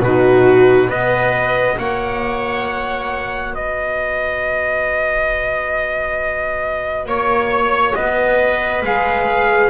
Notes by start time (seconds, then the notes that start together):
0.00 B2 D#4 F#4 B4
0.88 B3 F#4 B4 D#5
1.77 A#3 C#5 F#5
3.53 B3 B4 D#5
7.06 A#3 C#5
7.94 B3 B4 D#5
8.82 G#3 G#4 F5